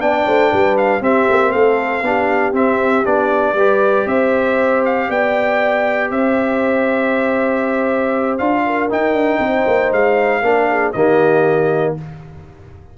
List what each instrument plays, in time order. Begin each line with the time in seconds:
0.00 tuba B3, trombone D4, horn D5, trumpet G5
0.26 tuba A3, horn C5
0.50 tuba G3, horn B4
0.77 trumpet F5
1.01 tuba C4, trombone C4, horn G4, trumpet E5
1.29 tuba A#3
1.52 tuba A3, horn A4, trumpet F5
2.02 tuba B3, trombone D4, horn G4
2.53 tuba C4, trombone C4, trumpet E5
3.05 tuba B3, trombone D4, trumpet D5
3.53 tuba G3, trombone G4, horn B4
4.06 tuba C4, horn C5, trumpet E5
4.85 trumpet F5
5.08 tuba B3, horn D5, trumpet G5
6.10 tuba C4, horn C5, trumpet E5
8.38 tuba D4, trombone F4, trumpet F5
8.66 horn A#4
8.90 trombone D#4, tuba D#4, trumpet G5
9.13 tuba D4
9.39 tuba C4, horn C5
9.67 tuba A#3
9.92 tuba G#3, trumpet F5
10.42 tuba A#3, trombone D4, horn A#4
10.71 horn G#4
10.92 tuba D#3, trombone A#3, horn G4, trumpet D#5